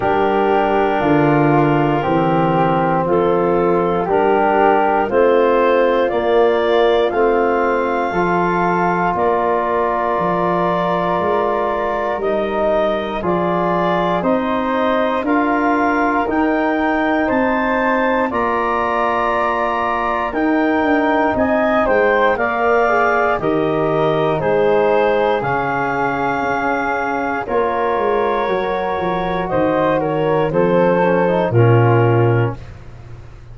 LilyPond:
<<
  \new Staff \with { instrumentName = "clarinet" } { \time 4/4 \tempo 4 = 59 ais'2. a'4 | ais'4 c''4 d''4 f''4~ | f''4 d''2. | dis''4 d''4 dis''4 f''4 |
g''4 a''4 ais''2 | g''4 gis''8 g''8 f''4 dis''4 | c''4 f''2 cis''4~ | cis''4 dis''8 cis''8 c''4 ais'4 | }
  \new Staff \with { instrumentName = "flute" } { \time 4/4 g'4 f'4 g'4 f'4 | g'4 f'2. | a'4 ais'2.~ | ais'4 gis'4 c''4 ais'4~ |
ais'4 c''4 d''2 | ais'4 dis''8 c''8 d''4 ais'4 | gis'2. ais'4~ | ais'4 c''8 ais'8 a'4 f'4 | }
  \new Staff \with { instrumentName = "trombone" } { \time 4/4 d'2 c'2 | d'4 c'4 ais4 c'4 | f'1 | dis'4 f'4 dis'4 f'4 |
dis'2 f'2 | dis'2 ais'8 gis'8 g'4 | dis'4 cis'2 f'4 | fis'2 c'8 cis'16 dis'16 cis'4 | }
  \new Staff \with { instrumentName = "tuba" } { \time 4/4 g4 d4 e4 f4 | g4 a4 ais4 a4 | f4 ais4 f4 gis4 | g4 f4 c'4 d'4 |
dis'4 c'4 ais2 | dis'8 d'8 c'8 gis8 ais4 dis4 | gis4 cis4 cis'4 ais8 gis8 | fis8 f8 dis4 f4 ais,4 | }
>>